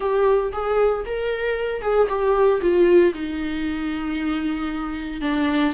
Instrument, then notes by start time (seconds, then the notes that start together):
viola
0.00 G4
0.52 G#4
1.05 A#4
1.81 G#4
2.08 G4
2.61 F4
3.14 D#4
5.21 D4